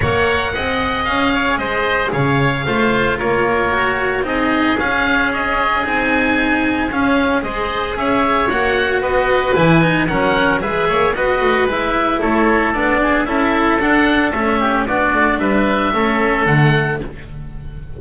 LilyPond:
<<
  \new Staff \with { instrumentName = "oboe" } { \time 4/4 \tempo 4 = 113 fis''2 f''4 dis''4 | f''2 cis''2 | dis''4 f''4 dis''4 gis''4~ | gis''4 f''4 dis''4 e''4 |
fis''4 dis''4 gis''4 fis''4 | e''4 dis''4 e''4 cis''4 | d''4 e''4 fis''4 e''4 | d''4 e''2 fis''4 | }
  \new Staff \with { instrumentName = "oboe" } { \time 4/4 cis''4 dis''4. cis''8 c''4 | cis''4 c''4 ais'2 | gis'1~ | gis'2 c''4 cis''4~ |
cis''4 b'2 ais'4 | b'8 cis''8 b'2 a'4~ | a'8 gis'8 a'2~ a'8 g'8 | fis'4 b'4 a'2 | }
  \new Staff \with { instrumentName = "cello" } { \time 4/4 ais'4 gis'2.~ | gis'4 f'2 fis'4 | dis'4 cis'2 dis'4~ | dis'4 cis'4 gis'2 |
fis'2 e'8 dis'8 cis'4 | gis'4 fis'4 e'2 | d'4 e'4 d'4 cis'4 | d'2 cis'4 a4 | }
  \new Staff \with { instrumentName = "double bass" } { \time 4/4 ais4 c'4 cis'4 gis4 | cis4 a4 ais2 | c'4 cis'2 c'4~ | c'4 cis'4 gis4 cis'4 |
ais4 b4 e4 fis4 | gis8 ais8 b8 a8 gis4 a4 | b4 cis'4 d'4 a4 | b8 a8 g4 a4 d4 | }
>>